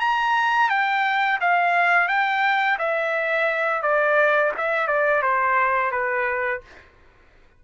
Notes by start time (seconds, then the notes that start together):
0.00 A#5
0.69 G5
1.40 F5
2.08 G5
2.78 E5
3.82 D5
4.57 E5
4.87 D5
5.22 C5
5.91 B4